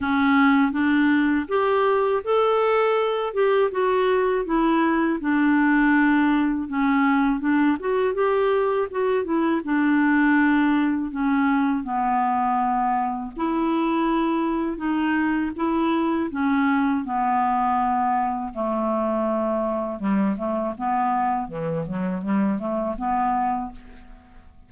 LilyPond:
\new Staff \with { instrumentName = "clarinet" } { \time 4/4 \tempo 4 = 81 cis'4 d'4 g'4 a'4~ | a'8 g'8 fis'4 e'4 d'4~ | d'4 cis'4 d'8 fis'8 g'4 | fis'8 e'8 d'2 cis'4 |
b2 e'2 | dis'4 e'4 cis'4 b4~ | b4 a2 g8 a8 | b4 e8 fis8 g8 a8 b4 | }